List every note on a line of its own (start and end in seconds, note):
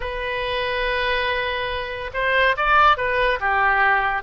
0.00 2.10 B4
2.13 2.55 C5
2.56 2.97 D5
2.97 3.39 B4
3.40 4.23 G4